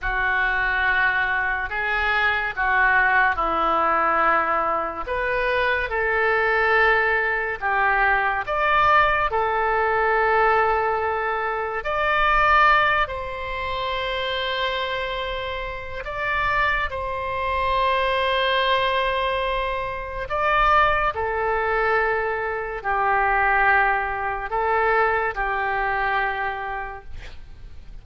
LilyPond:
\new Staff \with { instrumentName = "oboe" } { \time 4/4 \tempo 4 = 71 fis'2 gis'4 fis'4 | e'2 b'4 a'4~ | a'4 g'4 d''4 a'4~ | a'2 d''4. c''8~ |
c''2. d''4 | c''1 | d''4 a'2 g'4~ | g'4 a'4 g'2 | }